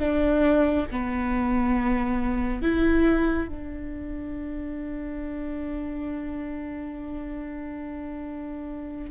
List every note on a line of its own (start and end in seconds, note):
0.00 0.87 D4
0.92 2.63 B3
2.63 3.49 E4
3.49 9.11 D4